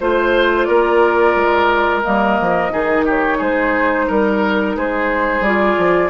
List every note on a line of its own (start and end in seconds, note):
0.00 0.68 A3
0.00 2.02 F4
0.00 0.68 C5
0.00 0.64 C5
0.64 1.35 A#3
0.64 2.72 A#4
0.64 2.00 D5
1.35 2.03 G#3
2.02 2.40 G3
2.02 2.70 A#3
2.02 3.05 D#5
2.40 2.72 F3
2.70 3.40 D#3
2.70 5.43 D#4
2.70 3.05 G#4
3.05 3.37 G4
3.05 3.42 C#5
3.37 4.09 G#3
3.37 4.06 G#4
3.37 4.10 C5
4.08 4.76 G3
4.08 4.76 A#4
4.08 4.77 A#4
4.76 5.40 G#3
4.76 6.10 G#4
4.76 5.44 C5
5.40 5.75 G3
5.40 6.10 F4
5.40 6.10 D5
5.78 6.10 F3